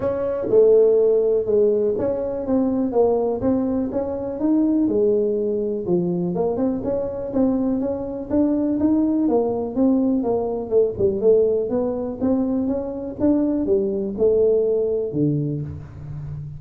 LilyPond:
\new Staff \with { instrumentName = "tuba" } { \time 4/4 \tempo 4 = 123 cis'4 a2 gis4 | cis'4 c'4 ais4 c'4 | cis'4 dis'4 gis2 | f4 ais8 c'8 cis'4 c'4 |
cis'4 d'4 dis'4 ais4 | c'4 ais4 a8 g8 a4 | b4 c'4 cis'4 d'4 | g4 a2 d4 | }